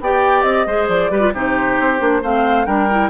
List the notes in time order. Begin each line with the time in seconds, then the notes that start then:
0.00 B3 G4 D5 G5
0.42 C4 D#5
0.66 G#3 G#4 C5
0.89 F3 D5
1.10 G3 G4 B4
1.21 F4
1.33 C3 D#4 G4 C5
1.79 C4
1.99 A#3 D4
2.22 A3 C4 C5 F5
2.66 G3 D4 A#4 G5
2.90 E4